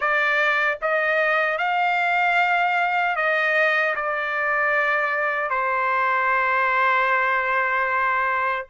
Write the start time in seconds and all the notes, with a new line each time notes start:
0.00 D5
0.81 D#5
1.58 F5
3.16 D#5
3.95 D5
5.49 C5